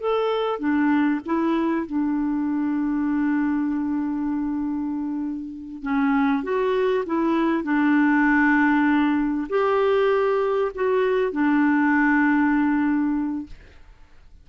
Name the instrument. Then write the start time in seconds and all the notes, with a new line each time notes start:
clarinet
0.00 A4
0.59 D4
1.26 E4
1.86 D4
5.82 C#4
6.43 F#4
7.06 E4
7.64 D4
9.49 G4
10.74 F#4
11.32 D4